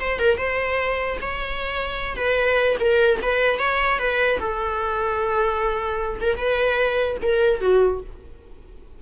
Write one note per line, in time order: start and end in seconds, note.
0.00 0.19 C5
0.19 0.38 A#4
0.38 1.18 C5
1.22 2.17 C#5
2.17 2.77 B4
2.80 3.20 A#4
3.22 3.59 B4
3.59 3.99 C#5
3.99 4.39 B4
4.39 6.19 A4
6.21 6.37 A#4
6.37 7.17 B4
7.22 7.61 A#4
7.61 8.01 F#4